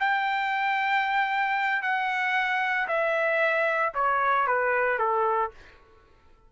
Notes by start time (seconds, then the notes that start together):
0.00 G5
1.82 F#5
2.88 E5
3.94 C#5
4.47 B4
4.99 A4